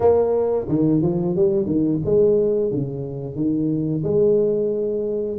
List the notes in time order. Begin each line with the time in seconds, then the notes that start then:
0.00 A#3
0.68 D#3
1.02 F3
1.35 G3
1.65 D#3
2.05 G#3
2.71 C#3
3.35 D#3
4.03 G#3